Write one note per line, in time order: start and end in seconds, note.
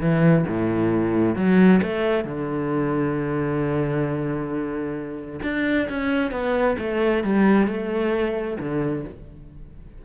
0.00 0.45 E3
0.47 1.36 A2
1.36 1.81 F#3
1.82 2.24 A3
2.24 5.40 D3
5.43 5.88 D4
5.89 6.31 C#4
6.31 6.76 B3
6.78 7.23 A3
7.23 7.67 G3
7.67 8.57 A3
8.59 9.05 D3